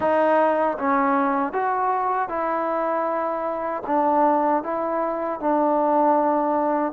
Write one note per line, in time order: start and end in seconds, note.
0.00 0.77 D#4
0.77 1.52 C#4
1.52 2.29 F#4
2.29 3.83 E4
3.87 4.63 D4
4.63 5.40 E4
5.40 6.92 D4